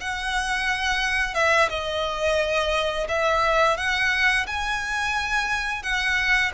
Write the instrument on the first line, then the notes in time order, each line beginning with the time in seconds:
violin
0.00 F#5
1.34 E5
1.69 D#5
3.08 E5
3.77 F#5
4.46 G#5
5.82 F#5